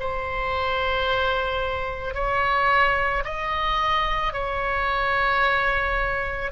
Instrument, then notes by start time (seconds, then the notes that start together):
oboe
0.00 C5
2.14 C#5
3.24 D#5
4.33 C#5